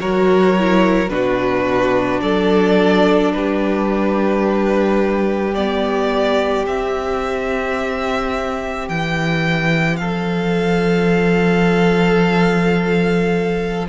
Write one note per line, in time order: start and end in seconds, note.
0.00 1.09 F#3
0.00 0.56 F#4
0.00 1.12 A#4
0.00 1.09 C#5
0.59 1.09 E4
1.09 2.20 B2
1.09 5.54 D4
1.09 2.22 F#4
1.09 2.20 B4
2.21 3.34 F#3
2.21 3.34 A4
2.21 3.32 D5
3.33 6.67 G3
3.33 10.00 G4
3.33 5.55 B4
5.55 6.67 B3
5.55 6.66 D5
6.67 8.89 C4
6.67 13.89 C4
6.67 8.89 E5
8.89 9.99 E3
8.89 9.97 G5
9.97 13.88 F3
9.97 13.89 A4
9.97 13.86 F5